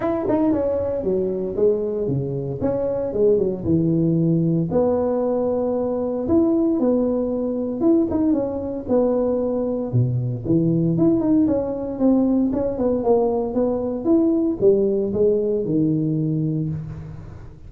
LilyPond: \new Staff \with { instrumentName = "tuba" } { \time 4/4 \tempo 4 = 115 e'8 dis'8 cis'4 fis4 gis4 | cis4 cis'4 gis8 fis8 e4~ | e4 b2. | e'4 b2 e'8 dis'8 |
cis'4 b2 b,4 | e4 e'8 dis'8 cis'4 c'4 | cis'8 b8 ais4 b4 e'4 | g4 gis4 dis2 | }